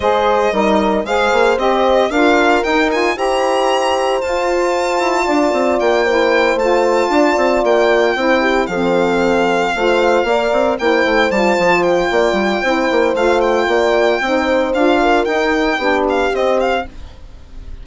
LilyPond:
<<
  \new Staff \with { instrumentName = "violin" } { \time 4/4 \tempo 4 = 114 dis''2 f''4 dis''4 | f''4 g''8 gis''8 ais''2 | a''2. g''4~ | g''8 a''2 g''4.~ |
g''8 f''2.~ f''8~ | f''8 g''4 a''4 g''4.~ | g''4 f''8 g''2~ g''8 | f''4 g''4. f''8 dis''8 f''8 | }
  \new Staff \with { instrumentName = "horn" } { \time 4/4 c''4 ais'4 c''2 | ais'2 c''2~ | c''2 d''4. c''8~ | c''4. d''2 c''8 |
g'8 a'2 c''4 d''8~ | d''8 c''2~ c''8 d''4 | c''2 d''4 c''4~ | c''8 ais'4. g'2 | }
  \new Staff \with { instrumentName = "saxophone" } { \time 4/4 gis'4 dis'4 gis'4 g'4 | f'4 dis'8 f'8 g'2 | f'2.~ f'8 e'8~ | e'8 f'2. e'8~ |
e'8 c'2 f'4 ais'8~ | ais'8 e'4 f'2~ f'8 | e'4 f'2 dis'4 | f'4 dis'4 d'4 c'4 | }
  \new Staff \with { instrumentName = "bassoon" } { \time 4/4 gis4 g4 gis8 ais8 c'4 | d'4 dis'4 e'2 | f'4. e'8 d'8 c'8 ais4~ | ais8 a4 d'8 c'8 ais4 c'8~ |
c'8 f2 a4 ais8 | c'8 ais8 a8 g8 f4 ais8 g8 | c'8 ais8 a4 ais4 c'4 | d'4 dis'4 b4 c'4 | }
>>